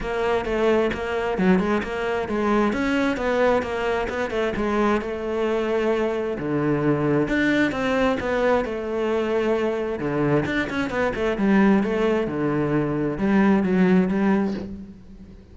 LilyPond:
\new Staff \with { instrumentName = "cello" } { \time 4/4 \tempo 4 = 132 ais4 a4 ais4 fis8 gis8 | ais4 gis4 cis'4 b4 | ais4 b8 a8 gis4 a4~ | a2 d2 |
d'4 c'4 b4 a4~ | a2 d4 d'8 cis'8 | b8 a8 g4 a4 d4~ | d4 g4 fis4 g4 | }